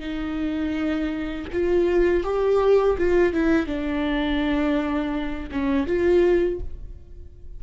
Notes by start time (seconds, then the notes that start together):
0.00 D#4
1.53 F4
2.24 G4
2.98 F4
3.34 E4
3.67 D4
5.52 C#4
5.87 F4